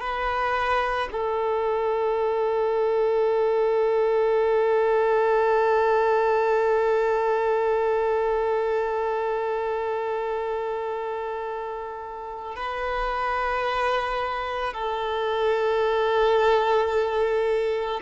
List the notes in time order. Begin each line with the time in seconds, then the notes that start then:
0.00 B4
1.12 A4
12.56 B4
14.74 A4